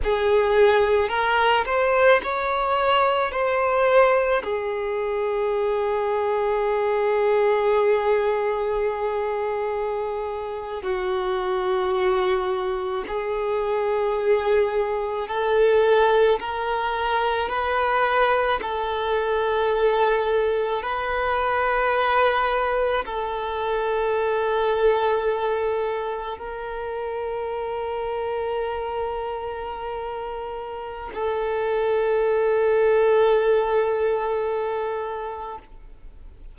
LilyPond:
\new Staff \with { instrumentName = "violin" } { \time 4/4 \tempo 4 = 54 gis'4 ais'8 c''8 cis''4 c''4 | gis'1~ | gis'4.~ gis'16 fis'2 gis'16~ | gis'4.~ gis'16 a'4 ais'4 b'16~ |
b'8. a'2 b'4~ b'16~ | b'8. a'2. ais'16~ | ais'1 | a'1 | }